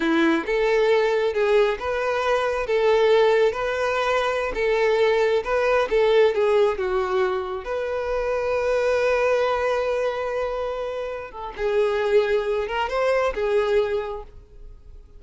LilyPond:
\new Staff \with { instrumentName = "violin" } { \time 4/4 \tempo 4 = 135 e'4 a'2 gis'4 | b'2 a'2 | b'2~ b'16 a'4.~ a'16~ | a'16 b'4 a'4 gis'4 fis'8.~ |
fis'4~ fis'16 b'2~ b'8.~ | b'1~ | b'4. a'8 gis'2~ | gis'8 ais'8 c''4 gis'2 | }